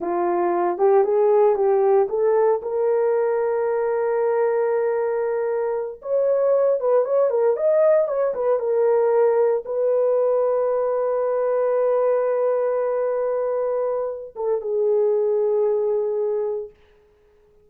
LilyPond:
\new Staff \with { instrumentName = "horn" } { \time 4/4 \tempo 4 = 115 f'4. g'8 gis'4 g'4 | a'4 ais'2.~ | ais'2.~ ais'8 cis''8~ | cis''4 b'8 cis''8 ais'8 dis''4 cis''8 |
b'8 ais'2 b'4.~ | b'1~ | b'2.~ b'8 a'8 | gis'1 | }